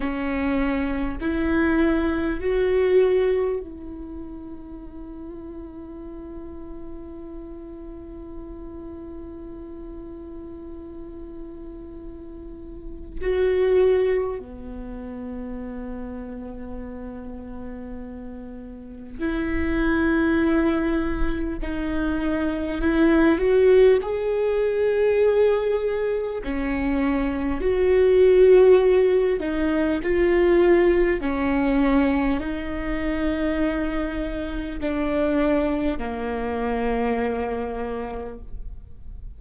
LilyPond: \new Staff \with { instrumentName = "viola" } { \time 4/4 \tempo 4 = 50 cis'4 e'4 fis'4 e'4~ | e'1~ | e'2. fis'4 | b1 |
e'2 dis'4 e'8 fis'8 | gis'2 cis'4 fis'4~ | fis'8 dis'8 f'4 cis'4 dis'4~ | dis'4 d'4 ais2 | }